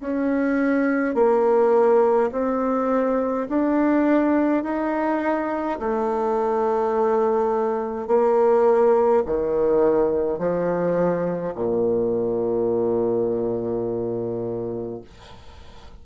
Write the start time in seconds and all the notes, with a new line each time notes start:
0.00 C#4
1.14 A#3
2.32 C4
3.49 D4
4.63 D#4
5.79 A3
8.07 A#3
9.26 D#3
10.38 F3
11.55 A#2